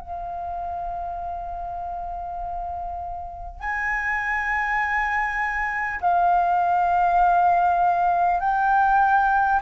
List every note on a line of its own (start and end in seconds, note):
0.00 3.60 F5
3.61 6.01 G#5
6.01 8.40 F5
8.40 9.60 G5